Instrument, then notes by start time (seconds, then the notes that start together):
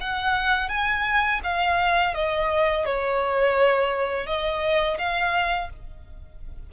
violin
0.00 F#5
0.69 G#5
1.43 F5
2.14 D#5
2.85 C#5
4.26 D#5
4.98 F5